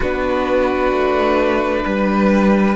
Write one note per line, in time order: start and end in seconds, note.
0.00 0.92 B3
0.00 2.75 D4
0.00 1.83 F#4
0.00 2.75 B4
0.92 1.84 A3
1.84 2.75 G3
1.84 2.75 B4